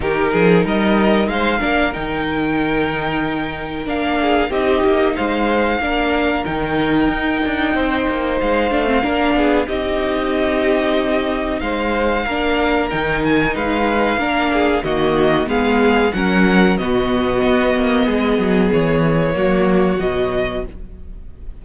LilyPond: <<
  \new Staff \with { instrumentName = "violin" } { \time 4/4 \tempo 4 = 93 ais'4 dis''4 f''4 g''4~ | g''2 f''4 dis''4 | f''2 g''2~ | g''4 f''2 dis''4~ |
dis''2 f''2 | g''8 gis''8 f''2 dis''4 | f''4 fis''4 dis''2~ | dis''4 cis''2 dis''4 | }
  \new Staff \with { instrumentName = "violin" } { \time 4/4 g'8 gis'8 ais'4 c''8 ais'4.~ | ais'2~ ais'8 gis'8 g'4 | c''4 ais'2. | c''2 ais'8 gis'8 g'4~ |
g'2 c''4 ais'4~ | ais'4 b'4 ais'8 gis'8 fis'4 | gis'4 ais'4 fis'2 | gis'2 fis'2 | }
  \new Staff \with { instrumentName = "viola" } { \time 4/4 dis'2~ dis'8 d'8 dis'4~ | dis'2 d'4 dis'4~ | dis'4 d'4 dis'2~ | dis'4. d'16 c'16 d'4 dis'4~ |
dis'2. d'4 | dis'2 d'4 ais4 | b4 cis'4 b2~ | b2 ais4 fis4 | }
  \new Staff \with { instrumentName = "cello" } { \time 4/4 dis8 f8 g4 gis8 ais8 dis4~ | dis2 ais4 c'8 ais8 | gis4 ais4 dis4 dis'8 d'8 | c'8 ais8 gis8 a8 ais8 b8 c'4~ |
c'2 gis4 ais4 | dis4 gis4 ais4 dis4 | gis4 fis4 b,4 b8 ais8 | gis8 fis8 e4 fis4 b,4 | }
>>